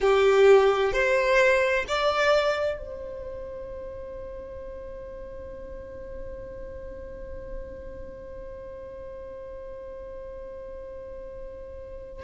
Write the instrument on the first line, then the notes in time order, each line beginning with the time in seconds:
violin
0.00 G4
0.92 C5
1.88 D5
2.78 C5